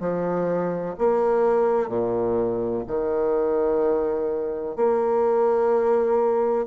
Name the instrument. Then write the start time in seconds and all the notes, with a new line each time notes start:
bassoon
0.00 F3
0.99 A#3
1.89 A#2
2.87 D#3
4.76 A#3